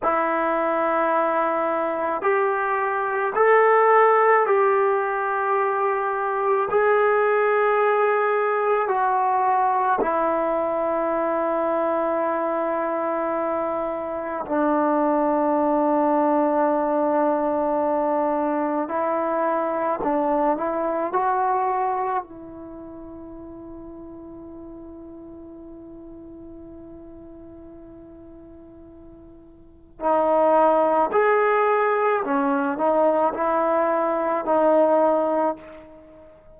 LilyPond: \new Staff \with { instrumentName = "trombone" } { \time 4/4 \tempo 4 = 54 e'2 g'4 a'4 | g'2 gis'2 | fis'4 e'2.~ | e'4 d'2.~ |
d'4 e'4 d'8 e'8 fis'4 | e'1~ | e'2. dis'4 | gis'4 cis'8 dis'8 e'4 dis'4 | }